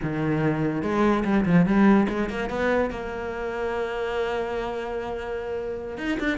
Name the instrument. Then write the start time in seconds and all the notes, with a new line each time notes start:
cello
0.02 D#3
0.82 G#3
1.24 G3
1.45 F3
1.66 G3
2.08 G#3
2.29 A#3
2.49 B3
2.90 A#3
5.97 D#4
6.19 D4